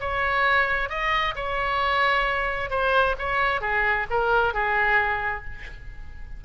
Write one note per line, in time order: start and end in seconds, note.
0.00 0.89 C#5
0.89 1.35 D#5
1.35 2.70 C#5
2.70 3.15 C5
3.19 3.61 C#5
3.61 4.07 G#4
4.10 4.54 A#4
4.54 5.45 G#4